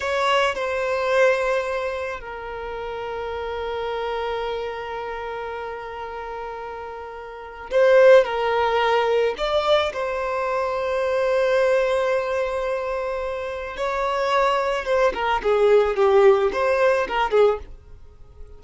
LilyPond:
\new Staff \with { instrumentName = "violin" } { \time 4/4 \tempo 4 = 109 cis''4 c''2. | ais'1~ | ais'1~ | ais'2 c''4 ais'4~ |
ais'4 d''4 c''2~ | c''1~ | c''4 cis''2 c''8 ais'8 | gis'4 g'4 c''4 ais'8 gis'8 | }